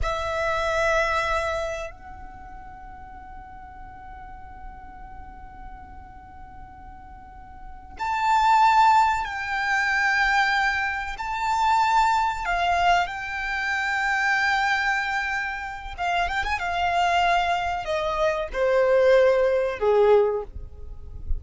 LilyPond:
\new Staff \with { instrumentName = "violin" } { \time 4/4 \tempo 4 = 94 e''2. fis''4~ | fis''1~ | fis''1~ | fis''8 a''2 g''4.~ |
g''4. a''2 f''8~ | f''8 g''2.~ g''8~ | g''4 f''8 g''16 gis''16 f''2 | dis''4 c''2 gis'4 | }